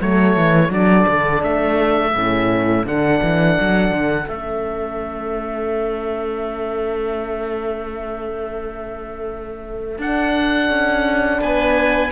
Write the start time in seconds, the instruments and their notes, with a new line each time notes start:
0.00 cello F#3, horn A3, viola A4, oboe C#5
0.36 cello E3
0.69 cello F#3, horn D4, oboe D5
1.07 cello D3
1.42 cello A3, oboe E5
2.14 cello A2, horn C#4
2.85 cello D3, horn D4, oboe F#5
3.22 cello E3
3.60 cello F#3
3.91 cello D3
4.28 cello A3, horn C#4, oboe E5
9.98 cello D4, horn D4, oboe F#5
10.69 cello C#4
11.40 cello B3, viola B4, oboe G#5